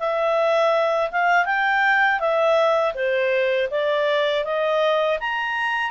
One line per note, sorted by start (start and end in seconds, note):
0.00 1.11 E5
1.12 1.46 F5
1.46 2.20 G5
2.20 2.94 E5
2.95 3.69 C5
3.71 4.45 D5
4.45 5.19 D#5
5.21 5.91 A#5